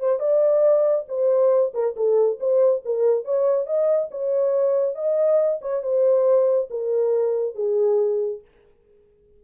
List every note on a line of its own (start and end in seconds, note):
0.00 0.19 C5
0.19 1.06 D5
1.08 1.73 C5
1.74 1.96 A#4
1.96 2.39 A4
2.40 2.83 C5
2.85 3.25 A#4
3.25 3.67 C#5
3.67 4.10 D#5
4.11 4.95 C#5
4.95 5.60 D#5
5.61 5.83 C#5
5.83 6.69 C5
6.70 7.55 A#4
7.55 8.42 G#4